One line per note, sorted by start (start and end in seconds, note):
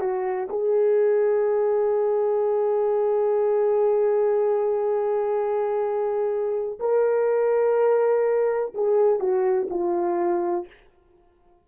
0.00 0.48 F#4
0.50 6.79 G#4
6.80 8.74 A#4
8.74 9.20 G#4
9.20 9.68 F#4
9.70 10.67 F4